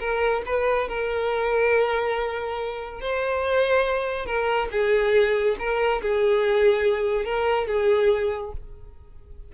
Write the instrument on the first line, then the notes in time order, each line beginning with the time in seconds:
violin
0.00 A#4
0.46 B4
0.89 A#4
3.01 C5
4.26 A#4
4.72 G#4
5.59 A#4
6.02 G#4
7.26 A#4
7.67 G#4